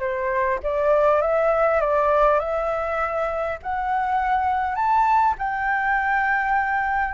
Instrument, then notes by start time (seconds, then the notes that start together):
flute
0.00 C5
0.63 D5
1.22 E5
1.81 D5
2.40 E5
3.63 F#5
4.76 A5
5.38 G5